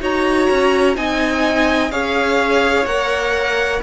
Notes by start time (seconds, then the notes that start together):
0.00 D#4 F#4 C#5 A#5
0.50 C#4
0.95 C4 D#4 D#5 G#5
1.91 C#4 G#4 C#5 F5
2.85 A#3 A#4 F#5